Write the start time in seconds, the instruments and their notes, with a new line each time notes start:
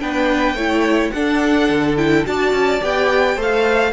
0.00 cello B3, viola D4, violin B4 G5
0.54 cello A3, viola E4, violin C#5
1.11 cello D4, viola D4, violin A4 F#5
1.69 cello D3
1.97 viola E4, violin G5
2.24 cello D4, viola F#4, violin D5 A5
2.52 cello C#4
2.81 cello B3, viola G4, violin G5
3.36 cello A3, viola A4, violin C5 F5